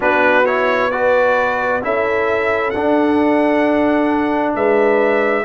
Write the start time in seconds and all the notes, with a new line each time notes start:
0.00 B3 D4 F#4 B4
0.45 E4 C#5
0.91 F#4 B4 D5
1.81 C#4 E4 A4 E5
2.70 D4 F#5
4.55 G#3 B4 E5